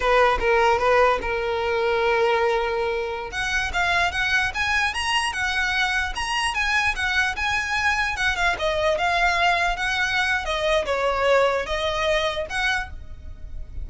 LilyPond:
\new Staff \with { instrumentName = "violin" } { \time 4/4 \tempo 4 = 149 b'4 ais'4 b'4 ais'4~ | ais'1~ | ais'16 fis''4 f''4 fis''4 gis''8.~ | gis''16 ais''4 fis''2 ais''8.~ |
ais''16 gis''4 fis''4 gis''4.~ gis''16~ | gis''16 fis''8 f''8 dis''4 f''4.~ f''16~ | f''16 fis''4.~ fis''16 dis''4 cis''4~ | cis''4 dis''2 fis''4 | }